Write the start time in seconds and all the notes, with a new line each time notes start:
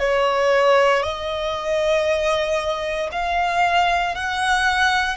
0.00 C#5
1.03 D#5
3.12 F5
4.15 F#5